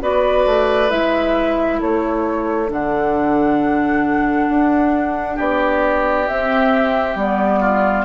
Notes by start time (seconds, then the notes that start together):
0.00 B3 F#4 B4 D5
0.46 A3
0.89 G#3 E4 E5
1.79 A3 A4 C#5
2.67 D3 D4 F#5
4.49 D4
5.35 B3 G4 D5
6.28 C4 E5
7.15 G3 B3 D5
7.60 F4